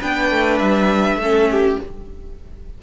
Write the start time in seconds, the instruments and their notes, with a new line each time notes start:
0.00 cello B3, viola D4, violin B4 G5
0.31 cello A3
0.58 cello G3, violin E5
1.16 cello A3, violin A4
1.23 viola C#4
1.51 violin G4